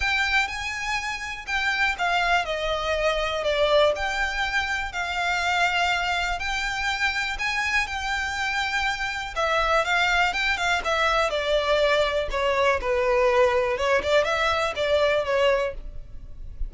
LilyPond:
\new Staff \with { instrumentName = "violin" } { \time 4/4 \tempo 4 = 122 g''4 gis''2 g''4 | f''4 dis''2 d''4 | g''2 f''2~ | f''4 g''2 gis''4 |
g''2. e''4 | f''4 g''8 f''8 e''4 d''4~ | d''4 cis''4 b'2 | cis''8 d''8 e''4 d''4 cis''4 | }